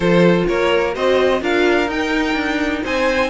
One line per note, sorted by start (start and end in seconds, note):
0.00 0.43 F3
0.00 0.93 F4
0.00 0.47 A4
0.00 0.47 C5
0.47 0.96 A#3
0.47 0.94 A#4
0.47 0.94 C#5
0.94 1.41 C4
0.94 1.41 F#4
0.94 1.41 C5
0.94 1.43 D#5
1.41 1.87 D4
1.41 1.89 F4
1.41 2.82 A#4
1.41 1.90 F5
1.87 2.33 D#4
1.87 3.29 D#4
1.87 2.84 G5
2.33 2.81 D4
2.82 3.29 C4
2.82 3.29 C5
2.82 3.29 G#5